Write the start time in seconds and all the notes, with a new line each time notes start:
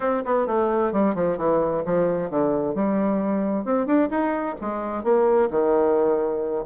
0.00 C4
0.25 B3
0.46 A3
0.92 G3
1.15 F3
1.37 E3
1.85 F3
2.30 D3
2.74 G3
3.64 C4
3.86 D4
4.10 D#4
4.61 G#3
5.03 A#3
5.50 D#3